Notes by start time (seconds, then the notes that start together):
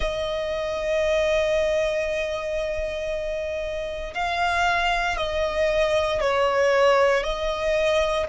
0.00 D#5
4.14 F5
5.17 D#5
6.21 C#5
7.23 D#5